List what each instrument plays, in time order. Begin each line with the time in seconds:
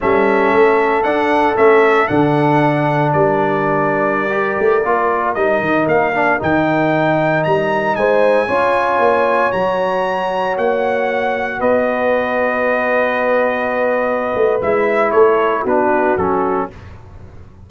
0.00 tuba G3, trombone C#4, horn A4, trumpet E5
0.53 tuba A3
1.03 trombone D4, tuba D4, trumpet F#5
1.55 tuba A3, trombone C#4, trumpet E5
2.07 tuba D3, trombone D4, trumpet F#5
3.12 tuba G3, horn A#4, trumpet D5
4.29 trombone G4
4.59 tuba A3
4.84 tuba A#3, trombone F4
5.34 tuba G3, trombone D#4, trumpet D#5
5.60 tuba D#3
5.87 tuba A#3, trumpet F5
6.13 trombone D4
6.38 tuba D#3, trombone D#4, trumpet G5
7.43 tuba G3, trumpet A#5
7.95 tuba G#3, horn C5, trumpet G#5
8.47 tuba C#4, trombone F4, horn C#5
8.99 tuba A#3
9.52 tuba F#3, trombone F#4, trumpet A#5
10.57 tuba A#3, trumpet F#5
11.59 tuba B3, horn B4, trumpet D#5
14.35 tuba A3
14.61 tuba G#3, trombone E4, trumpet E5
15.11 tuba A3, horn A4, trumpet C#5
15.62 tuba B3, trombone D4, horn F#4, trumpet B4
16.17 tuba F#3, trombone C#4, trumpet A4